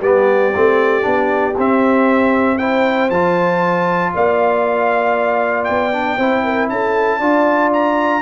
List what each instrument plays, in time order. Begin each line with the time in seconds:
0.00 tuba G3, trombone B3, horn G4, trumpet D5
0.56 tuba A3, trombone C4
1.02 tuba B3, trombone D4
1.59 tuba C4, trombone C4, trumpet E5
2.59 trombone E4, horn C5, trumpet G5
3.11 tuba F3, trombone F4, trumpet A5
4.15 tuba A#3, horn D5, trumpet F5
5.65 tuba B3, trumpet G5
5.93 trombone D4
6.17 tuba C4, trombone E4, horn C5
6.44 horn A#4
6.70 tuba C#4, horn A4, trumpet A5
7.19 tuba D4, trombone F4, horn D5
7.74 trumpet A#5